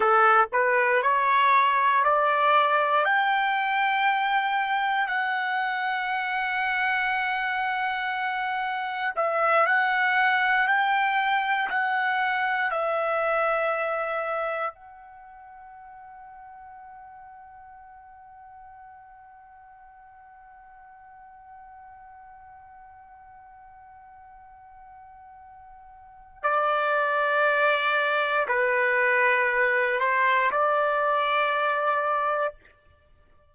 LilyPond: \new Staff \with { instrumentName = "trumpet" } { \time 4/4 \tempo 4 = 59 a'8 b'8 cis''4 d''4 g''4~ | g''4 fis''2.~ | fis''4 e''8 fis''4 g''4 fis''8~ | fis''8 e''2 fis''4.~ |
fis''1~ | fis''1~ | fis''2 d''2 | b'4. c''8 d''2 | }